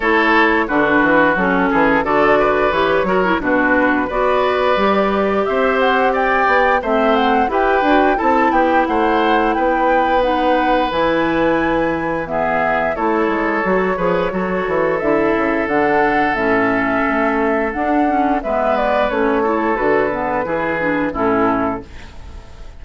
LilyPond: <<
  \new Staff \with { instrumentName = "flute" } { \time 4/4 \tempo 4 = 88 cis''4 b'4 a'4 d''4 | cis''4 b'4 d''2 | e''8 fis''8 g''4 e''8 fis''8 g''4 | a''8 g''8 fis''4 g''4 fis''4 |
gis''2 e''4 cis''4~ | cis''2 e''4 fis''4 | e''2 fis''4 e''8 d''8 | cis''4 b'2 a'4 | }
  \new Staff \with { instrumentName = "oboe" } { \time 4/4 a'4 fis'4. gis'8 a'8 b'8~ | b'8 ais'8 fis'4 b'2 | c''4 d''4 c''4 b'4 | a'8 g'8 c''4 b'2~ |
b'2 gis'4 a'4~ | a'8 b'8 a'2.~ | a'2. b'4~ | b'8 a'4. gis'4 e'4 | }
  \new Staff \with { instrumentName = "clarinet" } { \time 4/4 e'4 d'4 cis'4 fis'4 | g'8 fis'16 e'16 d'4 fis'4 g'4~ | g'2 c'4 g'8 fis'8 | e'2. dis'4 |
e'2 b4 e'4 | fis'8 gis'8 fis'4 e'4 d'4 | cis'2 d'8 cis'8 b4 | cis'8 e'8 fis'8 b8 e'8 d'8 cis'4 | }
  \new Staff \with { instrumentName = "bassoon" } { \time 4/4 a4 d8 e8 fis8 e8 d4 | e8 fis8 b,4 b4 g4 | c'4. b8 a4 e'8 d'8 | c'8 b8 a4 b2 |
e2. a8 gis8 | fis8 f8 fis8 e8 d8 cis8 d4 | a,4 a4 d'4 gis4 | a4 d4 e4 a,4 | }
>>